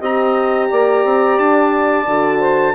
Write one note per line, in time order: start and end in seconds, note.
0.00 0.70 C4
0.00 2.07 G4
0.00 0.69 D#5
0.00 1.40 A#5
0.70 1.05 A#3
0.70 2.40 D5
1.05 1.39 C4
1.39 2.07 D4
1.39 2.76 A5
2.07 2.76 D3
2.07 2.76 F#4
2.40 2.74 C5